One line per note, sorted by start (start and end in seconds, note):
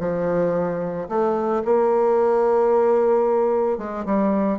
0.00 1.08 F3
1.09 1.63 A3
1.65 3.78 A#3
3.78 4.05 G#3
4.05 4.59 G3